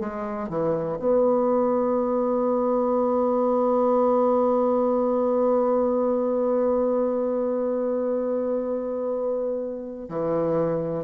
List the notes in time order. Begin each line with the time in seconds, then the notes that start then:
0.00 G#3
0.49 E3
0.99 B3
10.09 E3